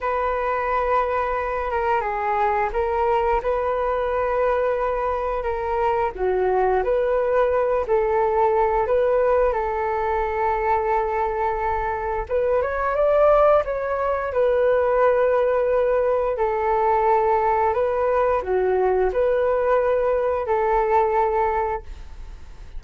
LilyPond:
\new Staff \with { instrumentName = "flute" } { \time 4/4 \tempo 4 = 88 b'2~ b'8 ais'8 gis'4 | ais'4 b'2. | ais'4 fis'4 b'4. a'8~ | a'4 b'4 a'2~ |
a'2 b'8 cis''8 d''4 | cis''4 b'2. | a'2 b'4 fis'4 | b'2 a'2 | }